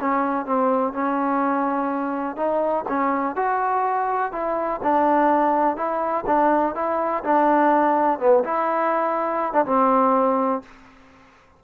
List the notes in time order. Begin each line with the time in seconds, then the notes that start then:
0.00 C#4
0.46 C4
0.93 C#4
2.36 D#4
2.88 C#4
3.35 F#4
4.32 E4
4.83 D4
5.76 E4
6.26 D4
6.75 E4
7.23 D4
8.19 B3
8.44 E4
9.53 D4
9.65 C4